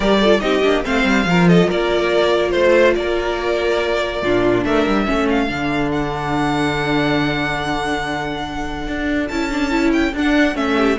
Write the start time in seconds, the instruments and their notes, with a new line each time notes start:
0.00 cello G3, viola G4, violin A#4 D5
0.20 viola F4, violin A4
0.40 cello C4, viola D#4, violin G4 D#5
0.62 cello A#3, viola D4
0.83 cello A3, viola C4, violin C5 F5
1.04 cello G3
1.25 cello F3, viola F4, violin A#4
1.48 violin A4 D#5
1.67 cello A#3, violin A#4 D5
2.51 cello A3, violin C5
2.95 cello A#3, violin A#4 D5
4.22 cello A#2, viola D4, violin F4
4.65 cello A3, violin A#4 E5
4.86 cello G3
5.06 cello A3, viola C#4, violin A4
5.29 violin F5
5.47 cello D3, viola D4
5.91 violin F#5
8.87 cello D4
9.27 cello C#4, viola E4, violin A5
9.50 viola D4
9.70 viola E4
9.93 violin G5
10.13 cello D4, viola D4, violin F#5
10.54 cello A3, viola C#4, violin E5
10.76 violin G4